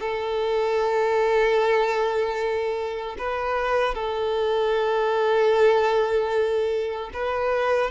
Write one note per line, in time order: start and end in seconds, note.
0.00 3.16 A4
3.18 3.94 B4
3.94 7.10 A4
7.13 7.91 B4